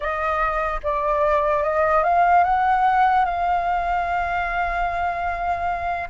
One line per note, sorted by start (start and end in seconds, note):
0.00 0.80 D#5
0.83 1.63 D5
1.63 2.03 D#5
2.03 2.44 F5
2.44 3.25 F#5
3.25 6.08 F5